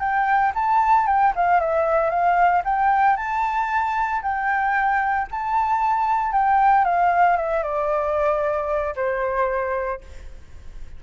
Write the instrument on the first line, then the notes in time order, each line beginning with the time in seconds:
flute
0.00 G5
0.55 A5
1.07 G5
1.36 F5
1.61 E5
2.10 F5
2.65 G5
3.17 A5
4.23 G5
5.31 A5
6.33 G5
6.85 F5
7.37 E5
7.64 D5
8.96 C5